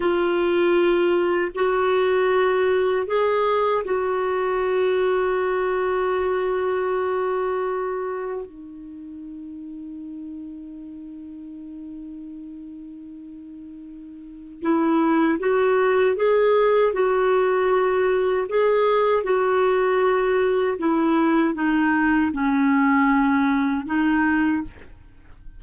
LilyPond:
\new Staff \with { instrumentName = "clarinet" } { \time 4/4 \tempo 4 = 78 f'2 fis'2 | gis'4 fis'2.~ | fis'2. dis'4~ | dis'1~ |
dis'2. e'4 | fis'4 gis'4 fis'2 | gis'4 fis'2 e'4 | dis'4 cis'2 dis'4 | }